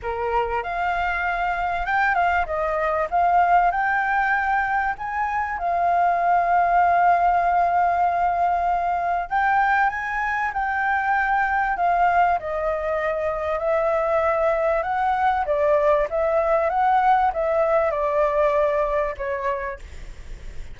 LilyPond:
\new Staff \with { instrumentName = "flute" } { \time 4/4 \tempo 4 = 97 ais'4 f''2 g''8 f''8 | dis''4 f''4 g''2 | gis''4 f''2.~ | f''2. g''4 |
gis''4 g''2 f''4 | dis''2 e''2 | fis''4 d''4 e''4 fis''4 | e''4 d''2 cis''4 | }